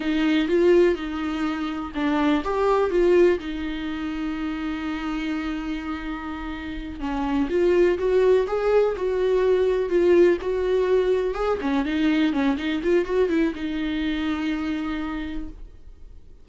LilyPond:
\new Staff \with { instrumentName = "viola" } { \time 4/4 \tempo 4 = 124 dis'4 f'4 dis'2 | d'4 g'4 f'4 dis'4~ | dis'1~ | dis'2~ dis'8 cis'4 f'8~ |
f'8 fis'4 gis'4 fis'4.~ | fis'8 f'4 fis'2 gis'8 | cis'8 dis'4 cis'8 dis'8 f'8 fis'8 e'8 | dis'1 | }